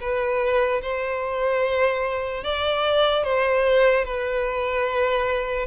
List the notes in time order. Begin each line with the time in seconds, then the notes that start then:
0.00 B4
0.81 C5
2.44 D5
3.24 C5
4.04 B4